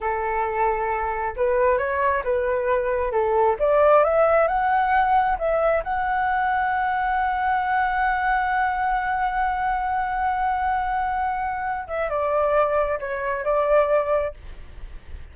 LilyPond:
\new Staff \with { instrumentName = "flute" } { \time 4/4 \tempo 4 = 134 a'2. b'4 | cis''4 b'2 a'4 | d''4 e''4 fis''2 | e''4 fis''2.~ |
fis''1~ | fis''1~ | fis''2~ fis''8 e''8 d''4~ | d''4 cis''4 d''2 | }